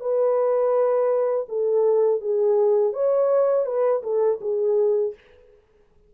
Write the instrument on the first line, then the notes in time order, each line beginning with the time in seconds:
horn
0.00 B4
1.49 A4
2.21 G#4
2.93 C#5
3.66 B4
4.03 A4
4.41 G#4